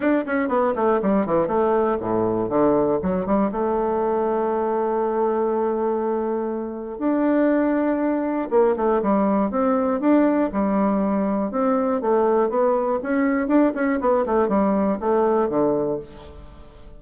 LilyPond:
\new Staff \with { instrumentName = "bassoon" } { \time 4/4 \tempo 4 = 120 d'8 cis'8 b8 a8 g8 e8 a4 | a,4 d4 fis8 g8 a4~ | a1~ | a2 d'2~ |
d'4 ais8 a8 g4 c'4 | d'4 g2 c'4 | a4 b4 cis'4 d'8 cis'8 | b8 a8 g4 a4 d4 | }